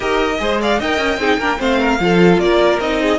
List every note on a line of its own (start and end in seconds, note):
0.00 0.38 D#4
0.00 0.36 G4
0.00 0.39 A#4
0.00 0.60 D#5
0.38 0.80 G#3
0.38 0.78 G#4
0.38 0.61 C5
0.61 0.79 D5
0.61 0.81 F5
0.79 0.98 D#4
0.79 1.20 A#4
0.79 1.19 D#5
0.79 1.60 G5
0.98 1.17 C#4
1.17 1.37 C4
1.17 1.40 D#4
1.17 1.39 G#4
1.37 1.57 A#3
1.37 1.57 D4
1.37 1.59 A#4
1.57 1.99 A3
1.57 1.97 C4
1.57 1.79 C5
1.57 2.39 F5
1.79 1.99 A#4
1.99 2.38 F3
1.99 2.80 F4
1.99 2.43 A4
2.38 2.78 A#3
2.38 3.01 A#4
2.38 2.79 D5
2.79 3.19 C4
2.79 3.19 D#4
2.79 3.19 D#5
3.01 3.19 G#4